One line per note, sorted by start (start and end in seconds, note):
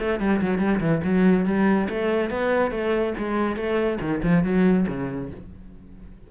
0.00 0.20 A3
0.20 0.42 G3
0.42 0.59 F#3
0.59 0.80 G3
0.81 1.02 E3
1.04 1.46 F#3
1.46 1.89 G3
1.90 2.31 A3
2.31 2.71 B3
2.71 3.14 A3
3.18 3.57 G#3
3.57 3.99 A3
4.01 4.22 D#3
4.24 4.44 F3
4.44 4.87 F#3
4.88 5.31 C#3